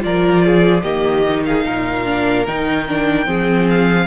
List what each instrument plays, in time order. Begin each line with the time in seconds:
0.00 cello F3, viola F4, violin A#4 D5
0.45 violin G#4
0.81 cello D#3, viola A#3, violin G4 D#5
1.28 viola D#4
1.45 violin G#4 F5
1.65 cello A#2, violin A#4
2.05 viola D4
2.46 cello D#3, viola D#4, violin G5
2.88 viola D4
3.25 cello F3, viola C4, violin G#4
3.70 violin F5